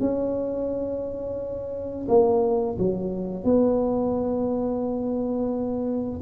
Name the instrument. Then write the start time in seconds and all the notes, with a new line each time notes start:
tuba
0.00 C#4
2.08 A#3
2.78 F#3
3.44 B3